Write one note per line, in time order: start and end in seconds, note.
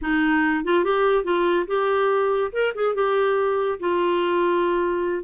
0.01 0.64 D#4
0.64 0.84 F4
0.84 1.24 G4
1.24 1.66 F4
1.67 2.51 G4
2.52 2.73 A#4
2.74 2.95 G#4
2.95 3.79 G4
3.79 5.23 F4